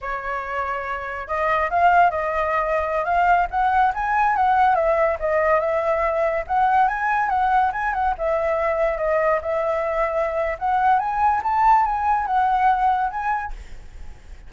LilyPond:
\new Staff \with { instrumentName = "flute" } { \time 4/4 \tempo 4 = 142 cis''2. dis''4 | f''4 dis''2~ dis''16 f''8.~ | f''16 fis''4 gis''4 fis''4 e''8.~ | e''16 dis''4 e''2 fis''8.~ |
fis''16 gis''4 fis''4 gis''8 fis''8 e''8.~ | e''4~ e''16 dis''4 e''4.~ e''16~ | e''4 fis''4 gis''4 a''4 | gis''4 fis''2 gis''4 | }